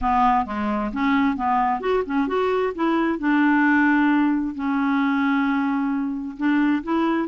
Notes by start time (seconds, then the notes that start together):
0.01 B3
0.45 G#3
0.92 C#4
1.36 B3
1.80 F#4
2.06 C#4
2.27 F#4
2.75 E4
3.19 D4
4.55 C#4
6.37 D4
6.83 E4